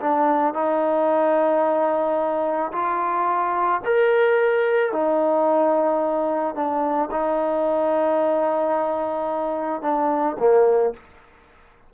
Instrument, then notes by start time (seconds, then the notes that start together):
trombone
0.00 D4
0.54 D#4
2.72 F4
3.85 A#4
4.92 D#4
6.55 D4
7.11 D#4
9.82 D4
10.39 A#3